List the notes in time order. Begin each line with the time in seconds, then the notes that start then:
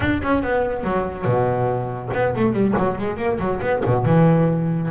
0.00 D4
0.22 C#4
0.42 B3
0.83 F#3
1.24 B2
2.13 B3
2.36 A3
2.52 G3
2.77 F#3
2.98 G#3
3.17 A#3
3.39 F#3
3.61 B3
3.85 B2
4.05 E3